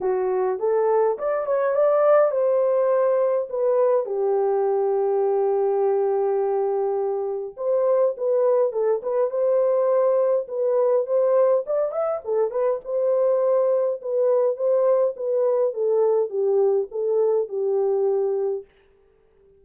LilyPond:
\new Staff \with { instrumentName = "horn" } { \time 4/4 \tempo 4 = 103 fis'4 a'4 d''8 cis''8 d''4 | c''2 b'4 g'4~ | g'1~ | g'4 c''4 b'4 a'8 b'8 |
c''2 b'4 c''4 | d''8 e''8 a'8 b'8 c''2 | b'4 c''4 b'4 a'4 | g'4 a'4 g'2 | }